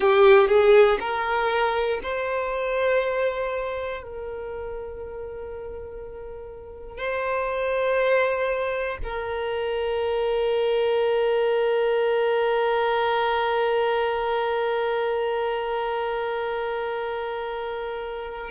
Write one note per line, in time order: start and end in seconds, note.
0.00 0.48 G4
0.48 0.98 G#4
1.00 2.00 A#4
2.03 4.03 C5
4.03 6.97 A#4
6.97 8.97 C5
9.03 18.50 A#4